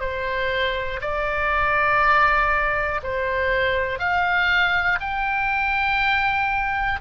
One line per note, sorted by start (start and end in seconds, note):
0.00 1.00 C5
1.01 3.01 D5
3.03 4.00 C5
4.00 5.00 F5
5.00 7.00 G5